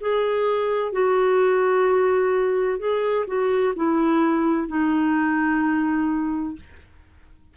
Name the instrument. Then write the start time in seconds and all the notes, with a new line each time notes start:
clarinet
0.00 G#4
0.92 F#4
2.79 G#4
3.27 F#4
3.76 E4
4.68 D#4